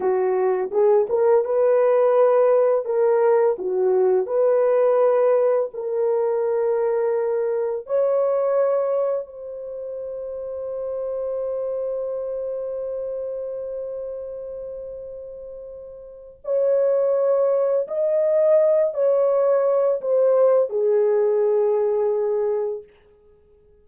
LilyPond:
\new Staff \with { instrumentName = "horn" } { \time 4/4 \tempo 4 = 84 fis'4 gis'8 ais'8 b'2 | ais'4 fis'4 b'2 | ais'2. cis''4~ | cis''4 c''2.~ |
c''1~ | c''2. cis''4~ | cis''4 dis''4. cis''4. | c''4 gis'2. | }